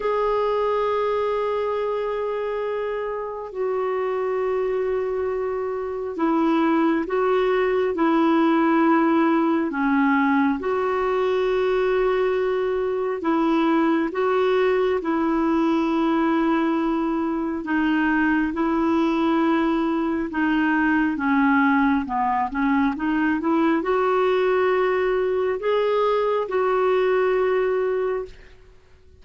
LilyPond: \new Staff \with { instrumentName = "clarinet" } { \time 4/4 \tempo 4 = 68 gis'1 | fis'2. e'4 | fis'4 e'2 cis'4 | fis'2. e'4 |
fis'4 e'2. | dis'4 e'2 dis'4 | cis'4 b8 cis'8 dis'8 e'8 fis'4~ | fis'4 gis'4 fis'2 | }